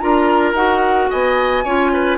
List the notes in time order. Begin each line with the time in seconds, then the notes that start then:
0.00 D4 F4 A#4 A#5
0.54 D#4 F#4 F#5
1.10 B3 D#5 G#5
1.64 C#4 F4 C#5
1.93 B4